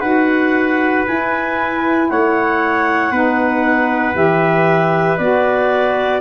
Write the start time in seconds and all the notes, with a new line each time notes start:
0.00 D#4 F#4 B4 F#5
1.07 E4 G#5
2.10 A3 C#5 F#5
3.11 B3 D#4 B4
4.14 E3 G4 E5
5.18 B3 F#4 D5